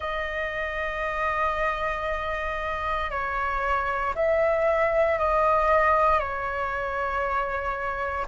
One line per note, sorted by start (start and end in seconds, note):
0.00 3.10 D#5
3.10 4.14 C#5
4.15 5.18 E5
5.18 6.19 D#5
6.19 8.26 C#5